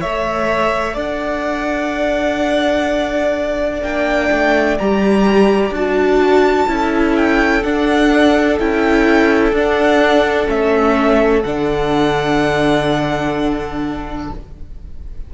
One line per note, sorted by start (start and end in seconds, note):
0.00 0.96 A3
0.00 3.83 A4
0.00 0.94 C#5
0.00 0.96 E5
0.94 3.82 D4
0.94 6.65 D5
0.94 3.82 F#5
3.82 4.29 A#3
3.82 4.78 D4
3.82 4.78 G5
4.31 4.79 A3
4.78 5.71 G3
4.78 5.75 G4
4.78 5.73 A#5
5.71 6.66 D4
5.71 6.68 F#4
5.71 7.16 A5
6.68 7.63 C#4
6.68 7.63 E4
6.68 14.34 A4
7.16 7.63 G5
7.63 8.59 D4
7.63 8.59 F#5
8.59 9.52 C#4
8.59 9.55 E4
8.59 9.55 G5
9.52 10.47 D4
9.52 10.46 D4
9.52 10.49 F#5
10.46 11.44 A3
10.46 11.42 C#4
10.46 11.42 E5
11.42 14.30 D3
11.42 14.32 D4
11.42 14.28 F#5